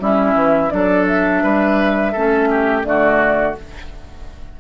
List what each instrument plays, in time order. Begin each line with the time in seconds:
0.00 bassoon G3, clarinet C#4, oboe E4, flute E5
0.34 bassoon E3
0.70 bassoon F#3, clarinet D4, oboe A4, flute D5
1.07 flute E5
1.43 bassoon G3, oboe B4
2.13 bassoon A3, clarinet C#4, oboe A4
2.51 oboe G4
2.84 bassoon D3, clarinet A3, oboe F#4, flute D5